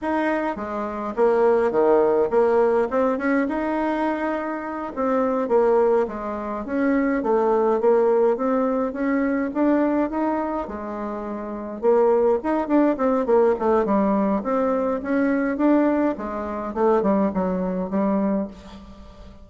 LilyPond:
\new Staff \with { instrumentName = "bassoon" } { \time 4/4 \tempo 4 = 104 dis'4 gis4 ais4 dis4 | ais4 c'8 cis'8 dis'2~ | dis'8 c'4 ais4 gis4 cis'8~ | cis'8 a4 ais4 c'4 cis'8~ |
cis'8 d'4 dis'4 gis4.~ | gis8 ais4 dis'8 d'8 c'8 ais8 a8 | g4 c'4 cis'4 d'4 | gis4 a8 g8 fis4 g4 | }